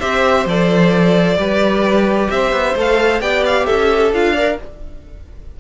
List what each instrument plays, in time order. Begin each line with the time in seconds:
0.00 cello C4, viola G4, violin C5 E5
0.46 cello F3, viola A4, violin D5
1.37 cello G3, viola G4, violin B4
2.30 cello C4, violin C5 E5
2.52 cello B3
2.75 cello A3, viola A4, violin F5
3.21 cello B3, viola G4, violin D5 G5
3.46 violin F5
3.66 cello C#4, violin A4 E5
4.12 cello D4, viola F4, violin F5
4.33 viola A#4, violin D5